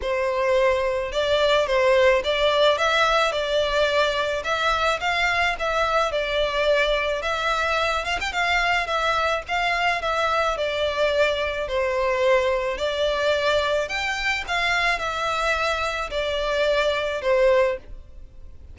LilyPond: \new Staff \with { instrumentName = "violin" } { \time 4/4 \tempo 4 = 108 c''2 d''4 c''4 | d''4 e''4 d''2 | e''4 f''4 e''4 d''4~ | d''4 e''4. f''16 g''16 f''4 |
e''4 f''4 e''4 d''4~ | d''4 c''2 d''4~ | d''4 g''4 f''4 e''4~ | e''4 d''2 c''4 | }